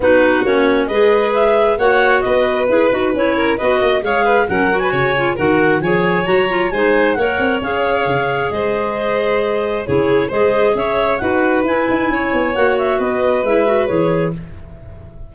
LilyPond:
<<
  \new Staff \with { instrumentName = "clarinet" } { \time 4/4 \tempo 4 = 134 b'4 cis''4 dis''4 e''4 | fis''4 dis''4 b'4 cis''4 | dis''4 f''4 fis''8. gis''4~ gis''16 | fis''4 gis''4 ais''4 gis''4 |
fis''4 f''2 dis''4~ | dis''2 cis''4 dis''4 | e''4 fis''4 gis''2 | fis''8 e''8 dis''4 e''4 cis''4 | }
  \new Staff \with { instrumentName = "violin" } { \time 4/4 fis'2 b'2 | cis''4 b'2~ b'8 ais'8 | b'8 dis''8 cis''8 b'8 ais'8. b'16 cis''4 | ais'4 cis''2 c''4 |
cis''2. c''4~ | c''2 gis'4 c''4 | cis''4 b'2 cis''4~ | cis''4 b'2. | }
  \new Staff \with { instrumentName = "clarinet" } { \time 4/4 dis'4 cis'4 gis'2 | fis'2 gis'8 fis'8 e'4 | fis'4 gis'4 cis'8 fis'4 f'8 | fis'4 gis'4 fis'8 f'8 dis'4 |
ais'4 gis'2.~ | gis'2 e'4 gis'4~ | gis'4 fis'4 e'2 | fis'2 e'8 fis'8 gis'4 | }
  \new Staff \with { instrumentName = "tuba" } { \time 4/4 b4 ais4 gis2 | ais4 b4 e'8 dis'8 cis'4 | b8 ais8 gis4 fis4 cis4 | dis4 f4 fis4 gis4 |
ais8 c'8 cis'4 cis4 gis4~ | gis2 cis4 gis4 | cis'4 dis'4 e'8 dis'8 cis'8 b8 | ais4 b4 gis4 e4 | }
>>